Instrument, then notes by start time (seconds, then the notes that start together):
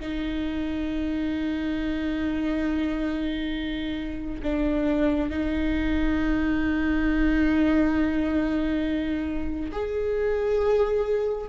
viola
0.00 D#4
4.43 D4
5.30 D#4
9.72 G#4